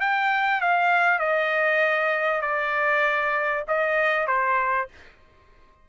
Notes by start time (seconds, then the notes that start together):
0.00 G5
0.61 F5
1.19 D#5
2.41 D5
3.68 D#5
4.27 C5